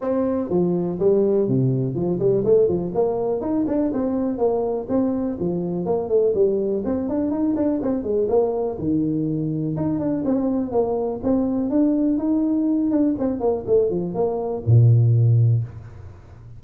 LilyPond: \new Staff \with { instrumentName = "tuba" } { \time 4/4 \tempo 4 = 123 c'4 f4 g4 c4 | f8 g8 a8 f8 ais4 dis'8 d'8 | c'4 ais4 c'4 f4 | ais8 a8 g4 c'8 d'8 dis'8 d'8 |
c'8 gis8 ais4 dis2 | dis'8 d'8 c'4 ais4 c'4 | d'4 dis'4. d'8 c'8 ais8 | a8 f8 ais4 ais,2 | }